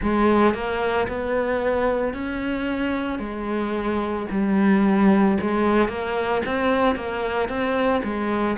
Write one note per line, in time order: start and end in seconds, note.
0.02 0.54 G#3
0.54 1.07 A#3
1.08 2.13 B3
2.13 3.19 C#4
3.19 4.26 G#3
4.31 5.38 G3
5.41 5.88 G#3
5.88 6.42 A#3
6.45 6.95 C4
6.95 7.48 A#3
7.48 8.02 C4
8.04 8.57 G#3